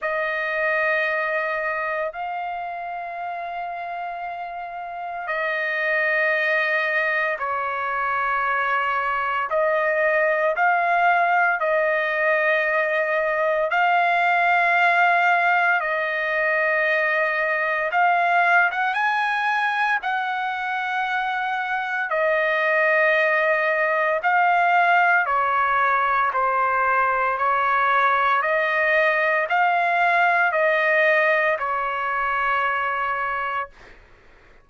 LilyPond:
\new Staff \with { instrumentName = "trumpet" } { \time 4/4 \tempo 4 = 57 dis''2 f''2~ | f''4 dis''2 cis''4~ | cis''4 dis''4 f''4 dis''4~ | dis''4 f''2 dis''4~ |
dis''4 f''8. fis''16 gis''4 fis''4~ | fis''4 dis''2 f''4 | cis''4 c''4 cis''4 dis''4 | f''4 dis''4 cis''2 | }